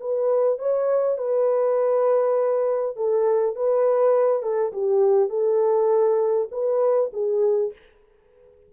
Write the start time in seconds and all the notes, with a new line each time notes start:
0.00 B4
0.59 C#5
1.17 B4
2.96 A4
3.55 B4
4.42 A4
4.72 G4
5.29 A4
6.51 B4
7.13 G#4